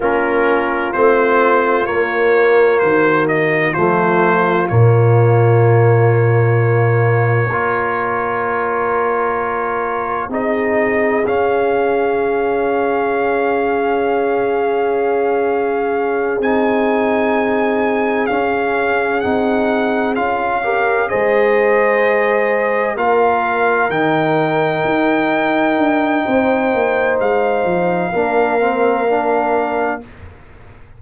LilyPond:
<<
  \new Staff \with { instrumentName = "trumpet" } { \time 4/4 \tempo 4 = 64 ais'4 c''4 cis''4 c''8 dis''8 | c''4 cis''2.~ | cis''2. dis''4 | f''1~ |
f''4. gis''2 f''8~ | f''8 fis''4 f''4 dis''4.~ | dis''8 f''4 g''2~ g''8~ | g''4 f''2. | }
  \new Staff \with { instrumentName = "horn" } { \time 4/4 f'2. fis'4 | f'1 | ais'2. gis'4~ | gis'1~ |
gis'1~ | gis'2 ais'8 c''4.~ | c''8 ais'2.~ ais'8 | c''2 ais'2 | }
  \new Staff \with { instrumentName = "trombone" } { \time 4/4 cis'4 c'4 ais2 | a4 ais2. | f'2. dis'4 | cis'1~ |
cis'4. dis'2 cis'8~ | cis'8 dis'4 f'8 g'8 gis'4.~ | gis'8 f'4 dis'2~ dis'8~ | dis'2 d'8 c'8 d'4 | }
  \new Staff \with { instrumentName = "tuba" } { \time 4/4 ais4 a4 ais4 dis4 | f4 ais,2. | ais2. c'4 | cis'1~ |
cis'4. c'2 cis'8~ | cis'8 c'4 cis'4 gis4.~ | gis8 ais4 dis4 dis'4 d'8 | c'8 ais8 gis8 f8 ais2 | }
>>